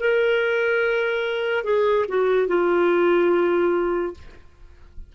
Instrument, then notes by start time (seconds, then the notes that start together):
clarinet
0.00 A#4
1.64 G#4
2.08 F#4
2.48 F4